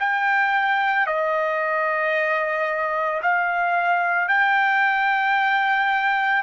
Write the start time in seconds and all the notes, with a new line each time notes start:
0.00 G5
1.07 D#5
3.22 F5
4.29 G5